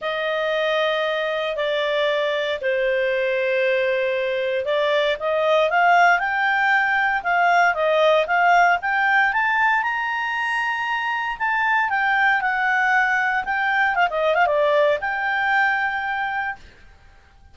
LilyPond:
\new Staff \with { instrumentName = "clarinet" } { \time 4/4 \tempo 4 = 116 dis''2. d''4~ | d''4 c''2.~ | c''4 d''4 dis''4 f''4 | g''2 f''4 dis''4 |
f''4 g''4 a''4 ais''4~ | ais''2 a''4 g''4 | fis''2 g''4 f''16 dis''8 f''16 | d''4 g''2. | }